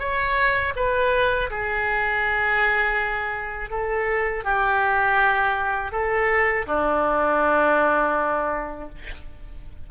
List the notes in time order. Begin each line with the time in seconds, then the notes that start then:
0.00 C#5
0.76 B4
1.51 G#4
3.71 A4
4.44 G4
5.92 A4
6.67 D4